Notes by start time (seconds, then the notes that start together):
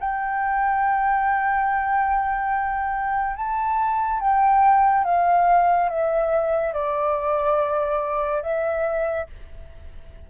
0.00 G5
3.36 A5
4.20 G5
5.04 F5
5.89 E5
6.73 D5
8.42 E5